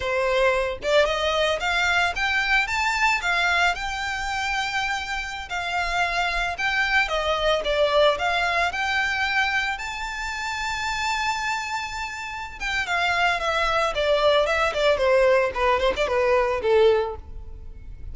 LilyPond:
\new Staff \with { instrumentName = "violin" } { \time 4/4 \tempo 4 = 112 c''4. d''8 dis''4 f''4 | g''4 a''4 f''4 g''4~ | g''2~ g''16 f''4.~ f''16~ | f''16 g''4 dis''4 d''4 f''8.~ |
f''16 g''2 a''4.~ a''16~ | a''2.~ a''8 g''8 | f''4 e''4 d''4 e''8 d''8 | c''4 b'8 c''16 d''16 b'4 a'4 | }